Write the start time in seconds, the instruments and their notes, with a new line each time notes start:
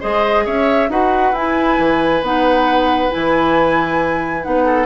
0.00 bassoon G#3, clarinet G#4, oboe C5, flute D#5
0.45 bassoon C#4, oboe C#5, flute E5
0.89 bassoon D#4, clarinet F#4, oboe B4, flute F#5
1.32 bassoon E4, clarinet E4, flute G#5
1.78 bassoon E3
2.22 bassoon B3, clarinet D#4, flute F#5
3.10 bassoon E3, clarinet E4, flute G#5
4.42 bassoon B3, clarinet D#4, flute F#5
4.65 oboe A4